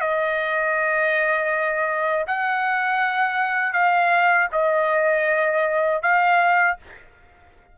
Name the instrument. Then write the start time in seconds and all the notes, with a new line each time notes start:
trumpet
0.00 D#5
2.27 F#5
3.73 F5
4.52 D#5
6.02 F5